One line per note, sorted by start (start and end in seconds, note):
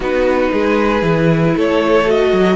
0.00 0.50 B3
0.00 1.01 D#4
0.00 0.51 F#4
0.00 1.58 B4
0.52 1.02 G#3
0.52 1.56 G#4
1.01 1.54 E3
1.01 2.05 E4
1.56 2.32 A3
1.56 2.56 A4
1.56 2.10 C#5
2.05 2.56 F#4
2.05 2.56 D#5
2.32 2.56 F#3